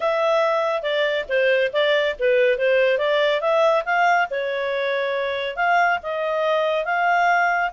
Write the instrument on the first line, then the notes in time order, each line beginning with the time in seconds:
clarinet
0.00 E5
0.82 D5
1.28 C5
1.73 D5
2.19 B4
2.58 C5
2.98 D5
3.40 E5
3.85 F5
4.30 C#5
5.56 F5
6.03 D#5
6.85 F5